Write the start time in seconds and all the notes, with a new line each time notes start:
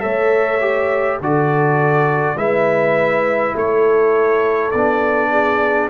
0.00 A3 A4 C#5 E5
0.61 G4
1.21 D3 F#4 A4 D5
2.36 G#3 E4 B4 E5
3.56 A3 A4 C#5
4.72 B3 D4 D5
5.31 G#4